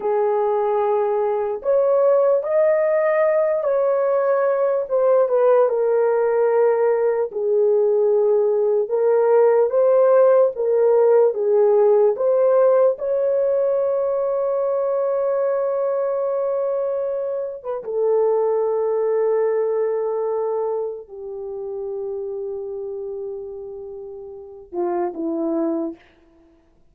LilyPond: \new Staff \with { instrumentName = "horn" } { \time 4/4 \tempo 4 = 74 gis'2 cis''4 dis''4~ | dis''8 cis''4. c''8 b'8 ais'4~ | ais'4 gis'2 ais'4 | c''4 ais'4 gis'4 c''4 |
cis''1~ | cis''4.~ cis''16 b'16 a'2~ | a'2 g'2~ | g'2~ g'8 f'8 e'4 | }